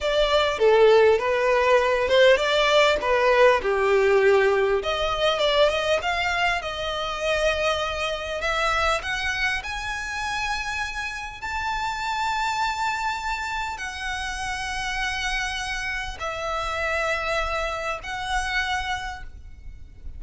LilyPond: \new Staff \with { instrumentName = "violin" } { \time 4/4 \tempo 4 = 100 d''4 a'4 b'4. c''8 | d''4 b'4 g'2 | dis''4 d''8 dis''8 f''4 dis''4~ | dis''2 e''4 fis''4 |
gis''2. a''4~ | a''2. fis''4~ | fis''2. e''4~ | e''2 fis''2 | }